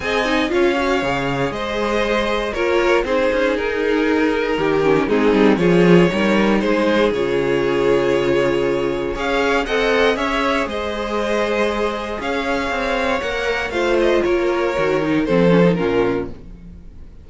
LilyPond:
<<
  \new Staff \with { instrumentName = "violin" } { \time 4/4 \tempo 4 = 118 gis''4 f''2 dis''4~ | dis''4 cis''4 c''4 ais'4~ | ais'2 gis'4 cis''4~ | cis''4 c''4 cis''2~ |
cis''2 f''4 fis''4 | e''4 dis''2. | f''2 fis''4 f''8 dis''8 | cis''2 c''4 ais'4 | }
  \new Staff \with { instrumentName = "violin" } { \time 4/4 dis''4 cis''2 c''4~ | c''4 ais'4 gis'2~ | gis'4 g'4 dis'4 gis'4 | ais'4 gis'2.~ |
gis'2 cis''4 dis''4 | cis''4 c''2. | cis''2. c''4 | ais'2 a'4 f'4 | }
  \new Staff \with { instrumentName = "viola" } { \time 4/4 gis'8 dis'8 f'8 fis'8 gis'2~ | gis'4 f'4 dis'2~ | dis'4. cis'8 c'4 f'4 | dis'2 f'2~ |
f'2 gis'4 a'4 | gis'1~ | gis'2 ais'4 f'4~ | f'4 fis'8 dis'8 c'8 cis'16 dis'16 cis'4 | }
  \new Staff \with { instrumentName = "cello" } { \time 4/4 c'4 cis'4 cis4 gis4~ | gis4 ais4 c'8 cis'8 dis'4~ | dis'4 dis4 gis8 g8 f4 | g4 gis4 cis2~ |
cis2 cis'4 c'4 | cis'4 gis2. | cis'4 c'4 ais4 a4 | ais4 dis4 f4 ais,4 | }
>>